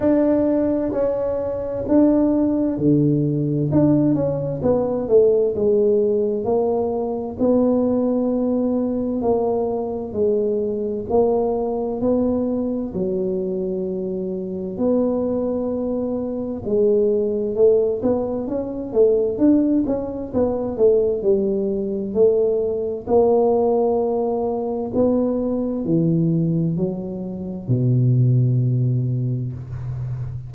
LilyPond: \new Staff \with { instrumentName = "tuba" } { \time 4/4 \tempo 4 = 65 d'4 cis'4 d'4 d4 | d'8 cis'8 b8 a8 gis4 ais4 | b2 ais4 gis4 | ais4 b4 fis2 |
b2 gis4 a8 b8 | cis'8 a8 d'8 cis'8 b8 a8 g4 | a4 ais2 b4 | e4 fis4 b,2 | }